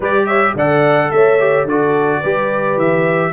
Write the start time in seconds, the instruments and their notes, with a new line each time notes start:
0.00 tuba G3, trombone G4, horn B4, trumpet D5
0.26 horn C#5, trumpet E5
0.55 tuba D3, trombone A4, horn D5, trumpet F#5
1.11 tuba A3, horn C#5, trumpet E5
1.39 trombone G4
1.65 tuba D3, trombone F#4, horn A4, trumpet D5
2.20 tuba G3, trombone G4, horn B4
2.76 tuba E3, trumpet E5